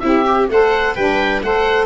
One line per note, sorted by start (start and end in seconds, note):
0.00 0.50 C4
0.00 0.26 E4
0.00 0.51 G4
0.00 0.47 E5
0.26 0.49 G4
0.50 0.96 A3
0.50 0.97 A4
0.50 0.96 C5
0.50 0.96 F#5
0.96 1.43 G3
0.96 1.44 D4
0.96 1.42 B4
0.96 1.42 G5
1.43 1.86 A3
1.43 1.86 A4
1.43 1.86 C5
1.43 1.86 F#5